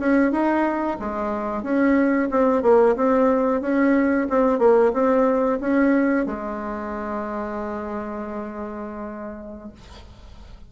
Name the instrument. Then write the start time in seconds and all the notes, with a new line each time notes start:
bassoon
0.00 C#4
0.32 D#4
1.00 G#3
1.63 C#4
2.31 C4
2.63 A#3
2.97 C4
3.62 C#4
4.30 C4
4.59 A#3
4.94 C4
5.61 C#4
6.27 G#3